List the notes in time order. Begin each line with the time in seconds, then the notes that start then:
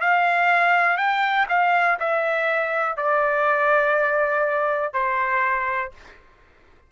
0.00 F5
0.97 G5
1.48 F5
1.99 E5
2.97 D5
4.93 C5